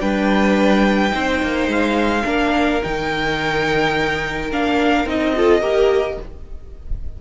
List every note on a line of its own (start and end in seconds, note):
0.00 1.13 G3
0.00 1.10 D4
0.00 1.12 B4
0.00 1.69 G5
1.10 1.42 C4
1.10 2.22 D#4
1.10 2.24 C5
1.42 1.67 A#3
1.67 2.23 G#3
1.67 2.83 F5
2.25 2.82 A#3
2.25 2.81 D4
2.25 5.34 A#4
2.83 4.52 D#3
2.83 4.51 D#4
2.83 4.51 G5
4.51 5.05 A#3
4.51 5.07 D4
4.51 5.08 F5
5.05 5.61 C4
5.05 5.35 D#4
5.05 6.21 D#5
5.36 5.62 F4
5.36 5.62 A4
5.61 6.17 A#3
5.61 6.18 G4
5.61 6.18 A#4